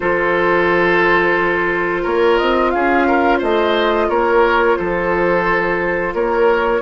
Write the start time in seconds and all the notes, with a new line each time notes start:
0.00 F3 F4 A4 C5
2.02 A#3 A#4 C#5
2.37 C4 D#5
2.70 C#4 G#4 F5
3.07 A#4
3.38 A3 C5 D#5
4.08 A#3 A#4 C#5
4.76 F3 A4 C5
6.14 A#3 A#4 C#5